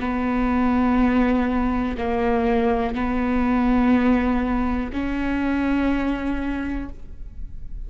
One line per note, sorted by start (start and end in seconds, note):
0.00 1.97 B3
1.97 2.95 A#3
2.95 4.91 B3
4.92 6.89 C#4